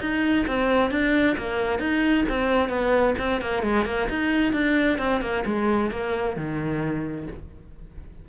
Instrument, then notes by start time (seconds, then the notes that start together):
cello
0.00 D#4
0.47 C4
0.91 D4
1.37 A#3
1.79 D#4
2.28 C4
2.69 B3
3.18 C4
3.41 A#3
3.63 G#3
3.85 A#3
4.09 D#4
4.52 D4
4.98 C4
5.21 A#3
5.45 G#3
5.91 A#3
6.36 D#3